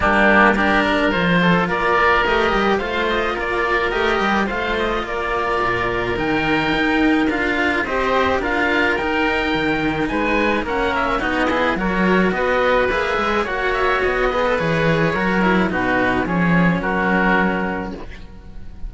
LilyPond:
<<
  \new Staff \with { instrumentName = "oboe" } { \time 4/4 \tempo 4 = 107 g'4 ais'4 c''4 d''4 | dis''4 f''8 dis''8 d''4 dis''4 | f''8 dis''8 d''2 g''4~ | g''4 f''4 dis''4 f''4 |
g''2 gis''4 fis''8 e''8 | dis''4 cis''4 dis''4 e''4 | fis''8 e''8 dis''4 cis''2 | b'4 cis''4 ais'2 | }
  \new Staff \with { instrumentName = "oboe" } { \time 4/4 d'4 g'8 ais'4 a'8 ais'4~ | ais'4 c''4 ais'2 | c''4 ais'2.~ | ais'2 c''4 ais'4~ |
ais'2 b'4 ais'4 | fis'8 gis'8 ais'4 b'2 | cis''4. b'4. ais'4 | fis'4 gis'4 fis'2 | }
  \new Staff \with { instrumentName = "cello" } { \time 4/4 ais4 d'4 f'2 | g'4 f'2 g'4 | f'2. dis'4~ | dis'4 f'4 g'4 f'4 |
dis'2. cis'4 | dis'8 e'8 fis'2 gis'4 | fis'4. gis'16 a'16 gis'4 fis'8 e'8 | dis'4 cis'2. | }
  \new Staff \with { instrumentName = "cello" } { \time 4/4 g2 f4 ais4 | a8 g8 a4 ais4 a8 g8 | a4 ais4 ais,4 dis4 | dis'4 d'4 c'4 d'4 |
dis'4 dis4 gis4 ais4 | b4 fis4 b4 ais8 gis8 | ais4 b4 e4 fis4 | b,4 f4 fis2 | }
>>